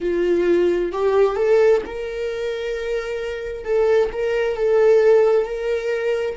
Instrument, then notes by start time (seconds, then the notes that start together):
viola
0.00 F4
0.91 G4
1.36 A4
1.85 A#4
3.64 A4
4.12 A#4
4.56 A4
5.45 A#4